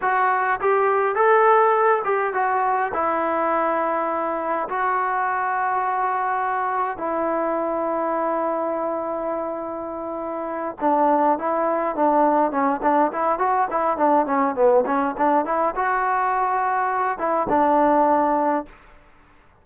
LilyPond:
\new Staff \with { instrumentName = "trombone" } { \time 4/4 \tempo 4 = 103 fis'4 g'4 a'4. g'8 | fis'4 e'2. | fis'1 | e'1~ |
e'2~ e'8 d'4 e'8~ | e'8 d'4 cis'8 d'8 e'8 fis'8 e'8 | d'8 cis'8 b8 cis'8 d'8 e'8 fis'4~ | fis'4. e'8 d'2 | }